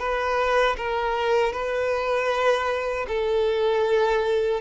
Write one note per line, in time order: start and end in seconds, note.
0.00 0.77 B4
0.77 1.53 A#4
1.53 3.07 B4
3.08 4.61 A4